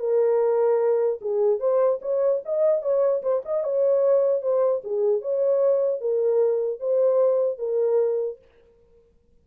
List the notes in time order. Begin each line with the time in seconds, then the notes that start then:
0.00 A#4
1.22 G#4
1.60 C5
2.02 C#5
2.46 D#5
2.83 C#5
3.23 C5
3.46 D#5
3.64 C#5
4.42 C5
4.85 G#4
5.22 C#5
6.01 A#4
6.81 C5
7.59 A#4